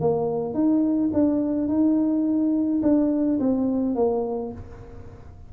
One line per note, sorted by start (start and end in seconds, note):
0.00 0.54 A#3
0.54 1.10 D#4
1.13 1.68 D4
1.68 2.81 D#4
2.82 3.39 D4
3.39 3.95 C4
3.95 4.51 A#3